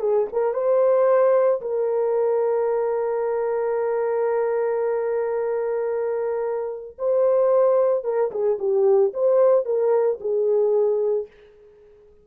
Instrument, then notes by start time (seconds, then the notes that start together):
horn
0.00 G#4
0.32 A#4
0.54 C5
1.61 A#4
6.98 C5
8.04 A#4
8.31 G#4
8.59 G4
9.14 C5
9.65 A#4
10.20 G#4